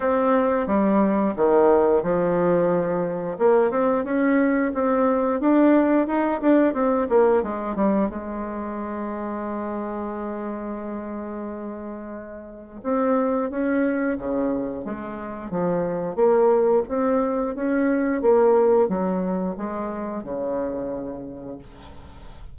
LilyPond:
\new Staff \with { instrumentName = "bassoon" } { \time 4/4 \tempo 4 = 89 c'4 g4 dis4 f4~ | f4 ais8 c'8 cis'4 c'4 | d'4 dis'8 d'8 c'8 ais8 gis8 g8 | gis1~ |
gis2. c'4 | cis'4 cis4 gis4 f4 | ais4 c'4 cis'4 ais4 | fis4 gis4 cis2 | }